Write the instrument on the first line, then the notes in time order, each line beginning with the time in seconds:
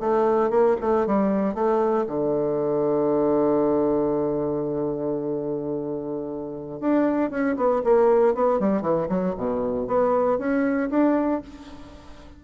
bassoon
0.00 A3
0.50 A#3
0.81 A3
1.06 G3
1.55 A3
2.07 D3
6.80 D4
7.30 C#4
7.57 B3
7.84 A#3
8.34 B3
8.60 G3
8.82 E3
9.09 F#3
9.37 B2
9.87 B3
10.38 C#4
10.90 D4